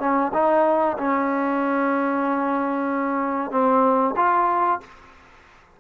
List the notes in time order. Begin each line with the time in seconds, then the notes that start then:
0.00 C#4
0.33 D#4
0.98 C#4
3.51 C4
4.16 F4